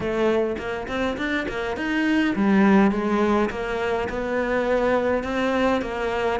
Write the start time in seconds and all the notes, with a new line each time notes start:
0.00 A3
0.58 A#3
0.88 C4
1.17 D4
1.48 A#3
1.76 D#4
2.35 G3
2.91 G#3
3.50 A#3
4.09 B3
5.23 C4
5.81 A#3